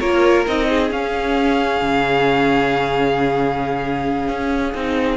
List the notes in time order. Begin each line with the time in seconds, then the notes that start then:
0.00 A#3 F4 A#4 C#5
0.47 C4 D#4 D#5
0.69 G#4
0.91 C#4 F5
1.82 C#3
4.28 C#4
4.74 C4 D#4